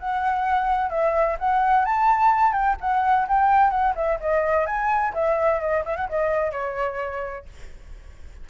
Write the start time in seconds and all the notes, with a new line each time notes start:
0.00 F#5
0.90 E5
1.40 F#5
1.85 A5
2.53 G5
2.81 F#5
3.28 G5
3.71 F#5
3.96 E5
4.21 D#5
4.67 G#5
5.14 E5
5.61 D#5
5.85 E5
5.97 F#5
6.10 D#5
6.52 C#5